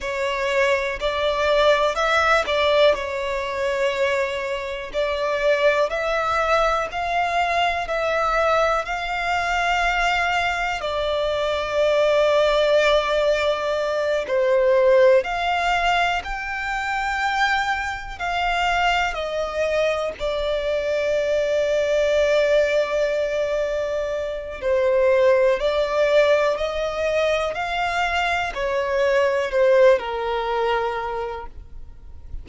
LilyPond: \new Staff \with { instrumentName = "violin" } { \time 4/4 \tempo 4 = 61 cis''4 d''4 e''8 d''8 cis''4~ | cis''4 d''4 e''4 f''4 | e''4 f''2 d''4~ | d''2~ d''8 c''4 f''8~ |
f''8 g''2 f''4 dis''8~ | dis''8 d''2.~ d''8~ | d''4 c''4 d''4 dis''4 | f''4 cis''4 c''8 ais'4. | }